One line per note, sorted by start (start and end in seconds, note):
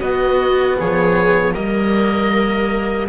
0.00 0.78 B3
0.00 1.55 B3
0.00 0.77 F#4
0.00 0.77 D#5
0.79 1.54 F3
0.79 1.54 G#4
0.79 1.54 C#5
1.54 3.08 G3
1.54 3.09 A#3
1.54 3.08 A#4
1.54 3.08 D#5